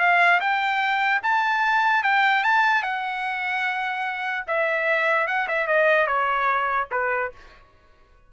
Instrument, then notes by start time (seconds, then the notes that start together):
trumpet
0.00 F5
0.41 G5
1.23 A5
2.03 G5
2.44 A5
2.83 F#5
4.47 E5
5.28 F#5
5.48 E5
5.68 D#5
6.07 C#5
6.92 B4